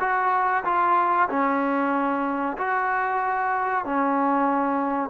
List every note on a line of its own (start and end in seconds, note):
0.00 0.64 F#4
0.65 1.29 F4
1.30 2.57 C#4
2.57 3.85 F#4
3.85 5.10 C#4